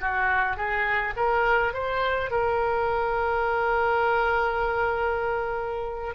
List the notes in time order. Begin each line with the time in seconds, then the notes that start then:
0.00 F#4
0.56 G#4
1.16 A#4
1.73 C5
2.30 A#4